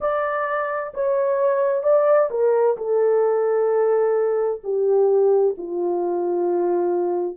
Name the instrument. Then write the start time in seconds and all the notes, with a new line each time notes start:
horn
0.00 D5
0.94 C#5
1.83 D5
2.30 A#4
2.77 A4
4.63 G4
5.57 F4